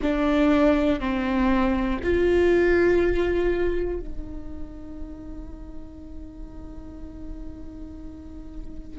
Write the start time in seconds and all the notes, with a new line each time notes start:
0.02 D4
1.00 C4
2.03 F4
4.00 D#4